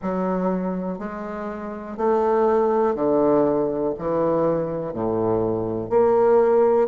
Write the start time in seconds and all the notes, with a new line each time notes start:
0.01 F#3
0.98 G#3
1.97 A3
2.95 D3
3.98 E3
4.93 A2
5.89 A#3